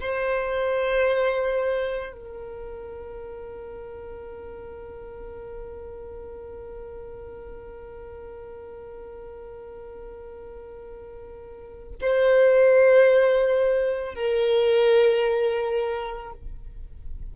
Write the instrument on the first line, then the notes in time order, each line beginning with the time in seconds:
violin
0.00 C5
2.12 A#4
12.00 C5
14.14 A#4